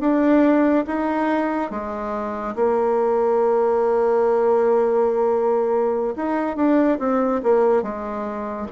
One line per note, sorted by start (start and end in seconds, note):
0.00 0.85 D4
0.87 1.71 D#4
1.71 2.55 G#3
2.55 6.14 A#3
6.16 6.56 D#4
6.56 6.98 D4
6.99 7.41 C4
7.43 7.82 A#3
7.82 8.67 G#3